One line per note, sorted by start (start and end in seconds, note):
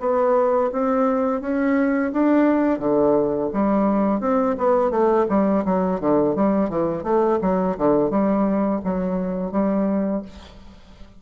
0.00 0.71 B3
0.73 1.41 C4
1.41 2.12 C#4
2.13 2.79 D4
2.79 3.50 D3
3.53 4.20 G3
4.20 4.56 C4
4.58 4.91 B3
4.91 5.26 A3
5.29 5.64 G3
5.65 6.00 F#3
6.00 6.35 D3
6.35 6.69 G3
6.69 7.04 E3
7.04 7.39 A3
7.41 7.77 F#3
7.77 8.10 D3
8.10 8.81 G3
8.84 9.52 F#3
9.52 10.22 G3